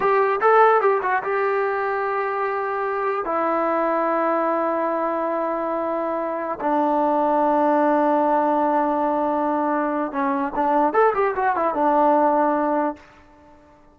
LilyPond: \new Staff \with { instrumentName = "trombone" } { \time 4/4 \tempo 4 = 148 g'4 a'4 g'8 fis'8 g'4~ | g'1 | e'1~ | e'1~ |
e'16 d'2.~ d'8.~ | d'1~ | d'4 cis'4 d'4 a'8 g'8 | fis'8 e'8 d'2. | }